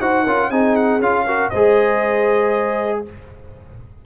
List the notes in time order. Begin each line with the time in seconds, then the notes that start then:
0.00 D#4 F#4 C5 F#5
0.24 C#4 F4 A#4
0.50 C4 D#4 G#4 G#5
0.76 F#5
0.99 C#4 F4 F5
1.26 F#4 A#4
1.49 G#3 G#4 C5 D#5